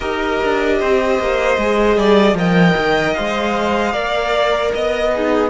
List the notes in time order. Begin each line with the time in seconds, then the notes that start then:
0.00 D#4 G4 A#4 D#5
0.43 D4
0.79 C4 C5
1.19 A#3
1.57 G#3 G#4
1.96 G3 D5
2.34 F3 A#4 D#5 G5
2.77 D#3
3.13 G#3 C5 F5
3.92 A#3 A#4 D5
4.73 B3 D#5
5.13 D#4 G#4